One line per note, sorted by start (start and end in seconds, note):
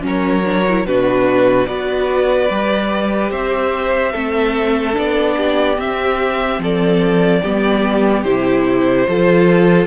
0.00 0.85 F#3
0.00 0.41 C#4
0.00 0.86 A#4
0.07 0.86 C#5
0.44 0.65 D4
0.68 0.86 E4
0.85 1.67 B2
0.85 1.66 D4
0.85 1.67 F#4
0.85 1.66 B4
1.66 2.49 B3
1.66 2.48 F#4
1.66 3.31 B4
1.66 3.30 D5
2.49 3.30 G3
2.49 4.12 G4
3.30 4.13 C4
3.30 4.12 C5
3.30 4.96 E5
4.12 4.96 A3
4.12 4.92 C4
4.12 5.35 A4
4.92 5.78 B3
4.92 5.74 D4
4.92 5.79 D5
5.36 6.60 G4
5.78 6.58 C4
5.78 7.42 C4
5.78 6.62 E5
6.58 7.40 F3
6.58 7.42 A4
6.58 8.23 D5
7.42 8.24 G3
7.42 8.25 B3
7.42 9.06 G4
8.23 9.07 C3
8.23 9.06 E4
8.23 9.86 C5
9.06 9.86 F3
9.06 9.86 F4
9.06 9.86 A4